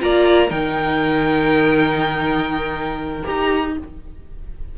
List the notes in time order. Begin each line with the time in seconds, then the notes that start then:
0.00 A#3 F4 D5 A#5
0.47 D#3 D#4 A#4 G5
3.24 D#4 G4 A#5